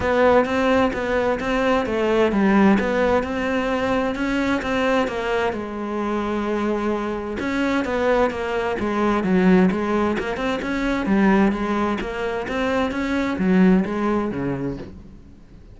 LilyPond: \new Staff \with { instrumentName = "cello" } { \time 4/4 \tempo 4 = 130 b4 c'4 b4 c'4 | a4 g4 b4 c'4~ | c'4 cis'4 c'4 ais4 | gis1 |
cis'4 b4 ais4 gis4 | fis4 gis4 ais8 c'8 cis'4 | g4 gis4 ais4 c'4 | cis'4 fis4 gis4 cis4 | }